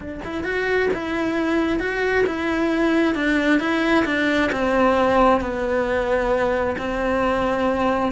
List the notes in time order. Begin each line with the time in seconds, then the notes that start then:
0.00 D4
0.24 E4
0.43 F#4
0.93 E4
1.79 F#4
2.26 E4
3.14 D4
3.59 E4
4.05 D4
4.52 C4
5.40 B3
6.78 C4